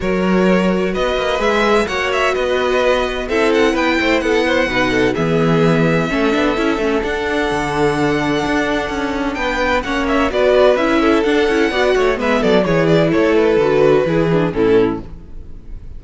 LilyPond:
<<
  \new Staff \with { instrumentName = "violin" } { \time 4/4 \tempo 4 = 128 cis''2 dis''4 e''4 | fis''8 e''8 dis''2 e''8 fis''8 | g''4 fis''2 e''4~ | e''2. fis''4~ |
fis''1 | g''4 fis''8 e''8 d''4 e''4 | fis''2 e''8 d''8 cis''8 d''8 | cis''8 b'2~ b'8 a'4 | }
  \new Staff \with { instrumentName = "violin" } { \time 4/4 ais'2 b'2 | cis''4 b'2 a'4 | b'8 c''8 a'8 c''8 b'8 a'8 gis'4~ | gis'4 a'2.~ |
a'1 | b'4 cis''4 b'4. a'8~ | a'4 d''8 cis''8 b'8 a'8 gis'4 | a'2 gis'4 e'4 | }
  \new Staff \with { instrumentName = "viola" } { \time 4/4 fis'2. gis'4 | fis'2. e'4~ | e'2 dis'4 b4~ | b4 cis'8 d'8 e'8 cis'8 d'4~ |
d'1~ | d'4 cis'4 fis'4 e'4 | d'8 e'8 fis'4 b4 e'4~ | e'4 fis'4 e'8 d'8 cis'4 | }
  \new Staff \with { instrumentName = "cello" } { \time 4/4 fis2 b8 ais8 gis4 | ais4 b2 c'4 | b8 a8 b4 b,4 e4~ | e4 a8 b8 cis'8 a8 d'4 |
d2 d'4 cis'4 | b4 ais4 b4 cis'4 | d'8 cis'8 b8 a8 gis8 fis8 e4 | a4 d4 e4 a,4 | }
>>